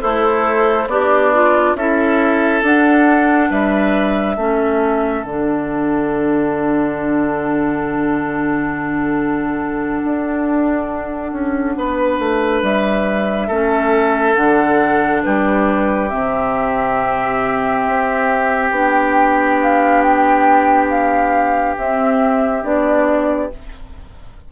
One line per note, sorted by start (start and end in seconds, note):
0.00 0.87 A3
0.00 0.88 E4
0.00 0.87 A4
0.00 0.89 C5
0.87 1.74 B3
0.87 1.77 D4
0.87 1.34 G4
0.87 1.76 D5
1.34 1.77 F4
1.75 2.62 C#4
1.75 2.63 E4
1.75 3.50 A4
1.75 2.63 E5
2.62 3.49 D4
2.62 4.37 D4
2.62 3.51 F#5
3.50 4.37 G3
3.50 4.36 B4
3.50 5.24 E5
4.36 5.23 A3
4.36 5.24 C#4
4.36 11.75 A4
5.23 10.01 D3
5.23 13.52 D4
5.23 12.63 F#5
10.04 11.32 D4
11.32 11.76 C#4
11.77 12.19 B3
11.77 13.47 B4
12.19 12.62 A3
12.62 13.49 G3
12.62 14.35 E5
13.47 14.36 A3
13.47 14.36 C#4
13.47 15.21 A4
14.35 15.24 D3
14.35 16.10 D4
14.35 15.22 F#5
15.23 16.12 G3
15.23 23.52 G4
15.23 16.09 B4
16.09 17.87 C3
16.09 18.71 C4
16.09 18.70 E5
17.87 18.71 C4
18.71 21.75 B3
18.71 21.77 D4
18.71 19.60 G5
19.62 20.01 F5
20.01 20.88 G5
20.89 21.76 F5
21.77 22.63 C4
21.77 22.64 E5
22.63 23.50 B3
22.63 23.50 D4
22.63 23.51 D5